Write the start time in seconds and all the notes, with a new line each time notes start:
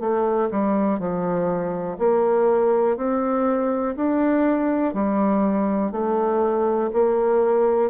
0.00 A3
0.51 G3
0.99 F3
1.99 A#3
2.97 C4
3.96 D4
4.94 G3
5.92 A3
6.93 A#3